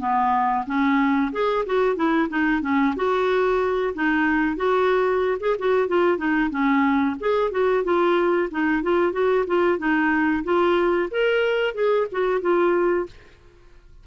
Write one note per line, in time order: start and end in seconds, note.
0.00 0.65 B3
0.67 1.32 C#4
1.33 1.65 G#4
1.66 1.97 F#4
1.97 2.29 E4
2.30 2.62 D#4
2.62 2.95 C#4
2.96 3.94 F#4
3.95 4.57 D#4
4.57 5.38 F#4
5.40 5.57 G#4
5.59 5.88 F#4
5.88 6.18 F4
6.18 6.51 D#4
6.51 7.16 C#4
7.20 7.52 G#4
7.52 7.84 F#4
7.84 8.50 F4
8.51 8.83 D#4
8.83 9.13 F4
9.13 9.46 F#4
9.47 9.79 F4
9.79 10.44 D#4
10.45 11.10 F4
11.11 11.75 A#4
11.75 12.07 G#4
12.12 12.42 F#4
12.42 13.07 F4